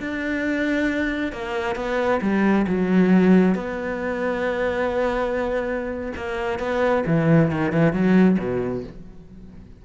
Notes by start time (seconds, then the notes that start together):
0.00 D4
1.33 A#3
1.76 B3
2.21 G3
2.67 F#3
3.55 B3
6.16 A#3
6.59 B3
7.06 E3
7.51 D#3
7.72 E3
7.93 F#3
8.39 B2